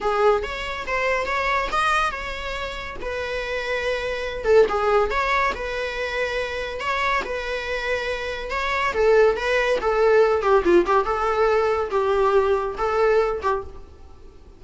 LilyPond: \new Staff \with { instrumentName = "viola" } { \time 4/4 \tempo 4 = 141 gis'4 cis''4 c''4 cis''4 | dis''4 cis''2 b'4~ | b'2~ b'8 a'8 gis'4 | cis''4 b'2. |
cis''4 b'2. | cis''4 a'4 b'4 a'4~ | a'8 g'8 f'8 g'8 a'2 | g'2 a'4. g'8 | }